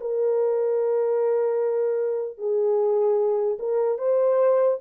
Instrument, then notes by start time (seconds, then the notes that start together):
horn
0.00 A#4
2.37 G#4
3.59 A#4
3.98 C5